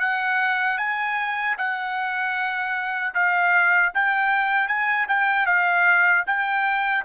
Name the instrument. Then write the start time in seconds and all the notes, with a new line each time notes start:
trumpet
0.00 F#5
0.78 G#5
1.58 F#5
3.15 F5
3.95 G5
4.68 G#5
5.09 G5
5.47 F5
6.27 G5